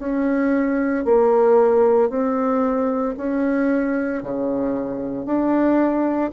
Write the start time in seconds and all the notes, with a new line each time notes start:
0.00 C#4
1.05 A#3
2.10 C4
3.18 C#4
4.23 C#3
5.26 D4